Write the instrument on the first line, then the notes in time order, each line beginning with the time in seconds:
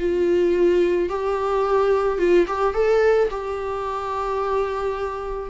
viola
0.00 F4
1.10 G4
2.19 F4
2.48 G4
2.74 A4
3.31 G4